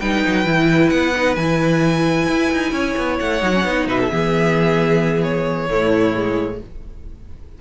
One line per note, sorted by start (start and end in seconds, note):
0.00 0.24 G3
0.00 0.45 D#4
0.00 2.73 B4
0.00 0.90 G5
0.27 0.46 F#3
0.45 0.91 E3
0.45 1.13 E4
0.90 1.37 B3
0.90 1.35 F#5
1.16 1.38 D#4
1.35 2.28 E3
1.35 3.41 E4
1.35 3.17 G#5
2.29 2.52 E4
2.52 2.72 D#4
2.72 2.95 C#4
2.72 3.88 C#5
2.97 3.20 B3
3.19 3.42 A3
3.19 3.88 F#5
3.41 3.64 F#3
3.41 3.53 D#4
3.54 3.65 C#4
3.64 3.87 B3
3.64 4.11 D#4
3.87 4.10 B2
3.87 3.99 B4
3.87 5.23 E5
4.00 4.10 A4
4.10 5.70 E3
4.10 5.70 B3
4.10 5.69 G#4
5.23 6.59 C#5
5.70 6.61 A2
5.70 6.14 A3
5.70 6.61 E4
6.14 6.59 G#3